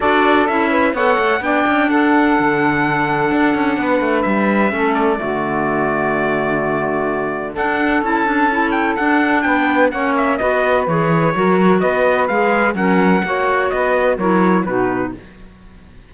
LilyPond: <<
  \new Staff \with { instrumentName = "trumpet" } { \time 4/4 \tempo 4 = 127 d''4 e''4 fis''4 g''4 | fis''1~ | fis''4 e''4. d''4.~ | d''1 |
fis''4 a''4. g''8 fis''4 | g''4 fis''8 e''8 dis''4 cis''4~ | cis''4 dis''4 f''4 fis''4~ | fis''4 dis''4 cis''4 b'4 | }
  \new Staff \with { instrumentName = "saxophone" } { \time 4/4 a'4. b'8 cis''4 d''4 | a'1 | b'2 a'4 fis'4~ | fis'1 |
a'1 | b'4 cis''4 b'2 | ais'4 b'2 ais'4 | cis''4 b'4 ais'4 fis'4 | }
  \new Staff \with { instrumentName = "clarinet" } { \time 4/4 fis'4 e'4 a'4 d'4~ | d'1~ | d'2 cis'4 a4~ | a1 |
d'4 e'8 d'8 e'4 d'4~ | d'4 cis'4 fis'4 gis'4 | fis'2 gis'4 cis'4 | fis'2 e'4 dis'4 | }
  \new Staff \with { instrumentName = "cello" } { \time 4/4 d'4 cis'4 b8 a8 b8 cis'8 | d'4 d2 d'8 cis'8 | b8 a8 g4 a4 d4~ | d1 |
d'4 cis'2 d'4 | b4 ais4 b4 e4 | fis4 b4 gis4 fis4 | ais4 b4 fis4 b,4 | }
>>